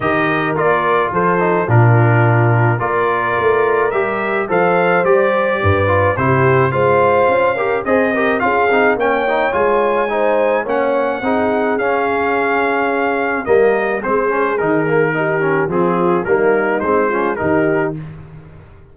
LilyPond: <<
  \new Staff \with { instrumentName = "trumpet" } { \time 4/4 \tempo 4 = 107 dis''4 d''4 c''4 ais'4~ | ais'4 d''2 e''4 | f''4 d''2 c''4 | f''2 dis''4 f''4 |
g''4 gis''2 fis''4~ | fis''4 f''2. | dis''4 c''4 ais'2 | gis'4 ais'4 c''4 ais'4 | }
  \new Staff \with { instrumentName = "horn" } { \time 4/4 ais'2 a'4 f'4~ | f'4 ais'2. | c''2 b'4 g'4 | c''4. ais'8 c''8 ais'8 gis'4 |
cis''2 c''4 cis''4 | gis'1 | ais'4 gis'2 g'4 | f'4 dis'4. f'8 g'4 | }
  \new Staff \with { instrumentName = "trombone" } { \time 4/4 g'4 f'4. dis'8 d'4~ | d'4 f'2 g'4 | a'4 g'4. f'8 e'4 | f'4. g'8 gis'8 g'8 f'8 dis'8 |
cis'8 dis'8 f'4 dis'4 cis'4 | dis'4 cis'2. | ais4 c'8 cis'8 dis'8 ais8 dis'8 cis'8 | c'4 ais4 c'8 cis'8 dis'4 | }
  \new Staff \with { instrumentName = "tuba" } { \time 4/4 dis4 ais4 f4 ais,4~ | ais,4 ais4 a4 g4 | f4 g4 g,4 c4 | gis4 cis'4 c'4 cis'8 c'8 |
ais4 gis2 ais4 | c'4 cis'2. | g4 gis4 dis2 | f4 g4 gis4 dis4 | }
>>